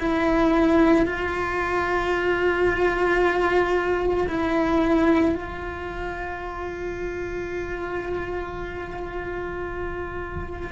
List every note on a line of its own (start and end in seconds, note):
0.00 1.06 E4
1.06 4.28 F4
4.29 5.35 E4
5.35 10.71 F4